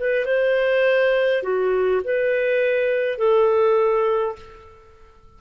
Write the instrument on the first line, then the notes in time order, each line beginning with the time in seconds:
clarinet
0.00 B4
0.25 C5
1.43 F#4
2.04 B4
3.18 A4